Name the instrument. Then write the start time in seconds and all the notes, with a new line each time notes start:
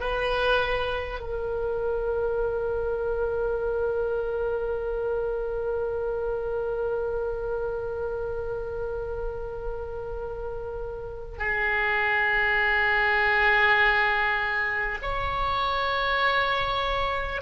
oboe
0.00 B4
1.21 A#4
11.38 G#4
15.02 C#5